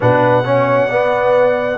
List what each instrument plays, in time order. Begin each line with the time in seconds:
0.00 tuba B2, trombone D4, horn B4, trumpet F#5
0.44 trombone C#4, horn C#5
0.87 trombone B3, tuba B3, horn D5